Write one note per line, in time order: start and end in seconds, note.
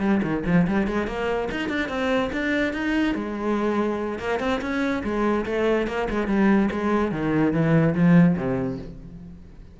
0.00 0.21 G3
0.22 0.43 D#3
0.46 0.66 F3
0.67 0.87 G3
0.87 1.07 G#3
1.07 1.48 A#3
1.51 1.69 D#4
1.69 1.88 D4
1.88 2.30 C4
2.32 2.73 D4
2.73 3.14 D#4
3.14 4.19 G#3
4.19 4.39 A#3
4.39 4.60 C4
4.61 5.02 C#4
5.03 5.45 G#3
5.45 5.87 A3
5.87 6.08 A#3
6.10 6.27 G#3
6.27 6.69 G3
6.71 7.11 G#3
7.11 7.52 D#3
7.52 7.94 E3
7.95 8.36 F3
8.36 8.78 C3